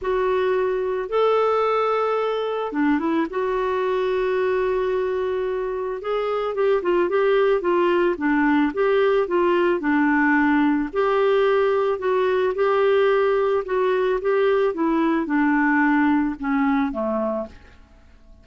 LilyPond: \new Staff \with { instrumentName = "clarinet" } { \time 4/4 \tempo 4 = 110 fis'2 a'2~ | a'4 d'8 e'8 fis'2~ | fis'2. gis'4 | g'8 f'8 g'4 f'4 d'4 |
g'4 f'4 d'2 | g'2 fis'4 g'4~ | g'4 fis'4 g'4 e'4 | d'2 cis'4 a4 | }